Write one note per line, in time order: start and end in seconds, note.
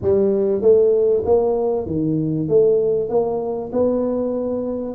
0.02 0.61 G3
0.61 1.23 A3
1.25 1.86 A#3
1.86 2.48 D#3
2.48 3.09 A3
3.09 3.71 A#3
3.72 4.95 B3